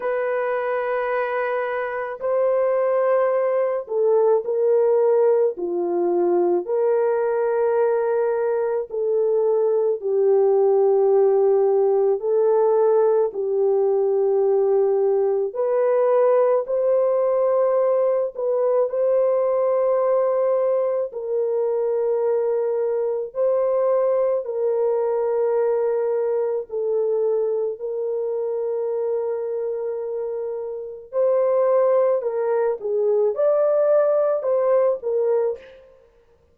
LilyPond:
\new Staff \with { instrumentName = "horn" } { \time 4/4 \tempo 4 = 54 b'2 c''4. a'8 | ais'4 f'4 ais'2 | a'4 g'2 a'4 | g'2 b'4 c''4~ |
c''8 b'8 c''2 ais'4~ | ais'4 c''4 ais'2 | a'4 ais'2. | c''4 ais'8 gis'8 d''4 c''8 ais'8 | }